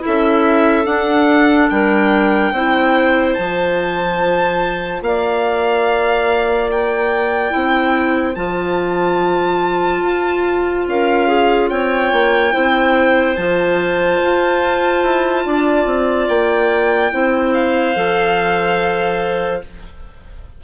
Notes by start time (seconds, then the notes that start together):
0.00 E4 A4
0.06 C#4 E5
0.85 D4 F#5
1.69 G3 A#4 G5
2.51 C4 E4 C5
3.33 F3 F4 A5
5.01 A#3 D5 F5
6.70 G5
7.50 C4 E4
7.56 C5
8.35 F3 F4 A5
10.02 F4
10.87 C#4 A#4 F5
11.27 G#4
11.69 C4 C#5 G5
12.12 A#3
12.52 C4 E4 C5
13.36 F3 F4 A5
14.22 F4
15.03 E4
15.45 D4 D5
15.85 C4
16.28 A#3 G5
17.12 C4 E4 C5
17.53 F5
17.95 F3 A4